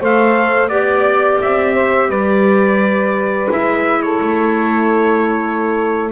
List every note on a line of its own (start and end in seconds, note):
0.00 0.68 A3
0.00 0.70 A4
0.00 0.70 C5
0.00 0.68 F5
0.68 1.38 B3
0.68 3.49 G4
0.68 1.38 D5
0.68 1.73 D5
1.41 2.08 C4
1.41 2.10 E5
1.73 2.08 C5
2.08 3.48 G3
2.08 4.00 B4
2.08 3.50 D5
3.49 4.20 G#3
3.49 6.10 E4
3.49 4.02 E5
4.02 6.12 A4
4.02 6.11 C#5
4.20 6.12 A3